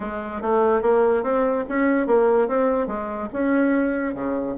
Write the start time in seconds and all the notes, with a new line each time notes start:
0.00 G#3
0.41 A3
0.81 A#3
1.23 C4
1.69 C#4
2.06 A#3
2.48 C4
2.87 G#3
3.32 C#4
4.14 C#3